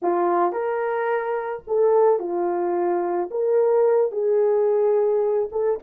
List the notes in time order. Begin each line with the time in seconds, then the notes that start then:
0.02 F4
0.52 A#4
1.67 A4
2.19 F4
3.30 A#4
4.11 G#4
5.51 A4